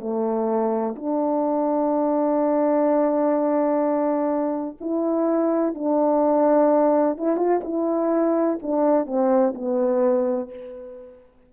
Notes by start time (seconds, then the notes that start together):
0.00 A3
0.97 D4
4.81 E4
5.75 D4
7.18 E4
7.37 F4
7.65 E4
8.63 D4
9.06 C4
9.55 B3